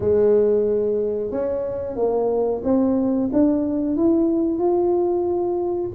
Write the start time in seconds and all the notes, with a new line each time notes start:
0.00 G#3
1.31 C#4
1.96 A#3
2.64 C4
3.32 D4
3.96 E4
4.59 F4